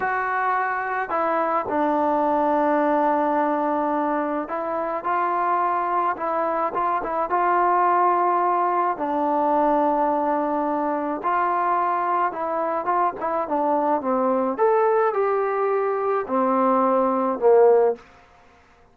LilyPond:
\new Staff \with { instrumentName = "trombone" } { \time 4/4 \tempo 4 = 107 fis'2 e'4 d'4~ | d'1 | e'4 f'2 e'4 | f'8 e'8 f'2. |
d'1 | f'2 e'4 f'8 e'8 | d'4 c'4 a'4 g'4~ | g'4 c'2 ais4 | }